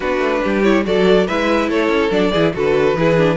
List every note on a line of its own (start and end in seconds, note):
0.00 0.18 B3
0.00 0.63 D4
0.00 0.40 F#4
0.00 0.63 B4
0.18 0.40 A3
0.43 0.85 G3
0.43 0.85 G4
0.63 0.84 E4
0.63 0.84 C#5
0.84 1.28 F#3
0.84 1.26 F#4
0.84 1.27 A4
0.84 1.27 D5
1.27 1.68 G#3
1.27 2.10 E4
1.27 1.69 B4
1.27 1.69 E5
1.68 1.88 A3
1.68 2.31 A4
1.68 2.10 C#5
1.88 2.09 C#4
2.10 2.31 F#3
2.10 2.31 D4
2.10 2.53 D5
2.31 2.55 E3
2.31 2.53 E4
2.31 2.52 G#4
2.53 2.93 D3
2.53 2.96 F#4
2.53 2.97 A4
2.53 3.36 B4
2.93 3.36 E3
2.93 3.17 E4
2.93 3.36 G#4
3.17 3.36 D4